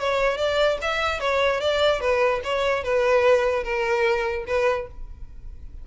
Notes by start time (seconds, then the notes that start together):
0.00 C#5
0.38 D5
0.82 E5
1.20 C#5
1.61 D5
2.01 B4
2.44 C#5
2.84 B4
3.64 A#4
4.47 B4